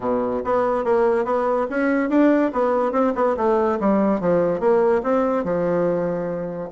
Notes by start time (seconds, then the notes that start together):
0.00 B2
0.44 B3
0.84 A#3
1.24 B3
1.70 C#4
2.09 D4
2.52 B3
2.92 C4
3.15 B3
3.37 A3
3.80 G3
4.20 F3
4.59 A#3
5.03 C4
5.44 F3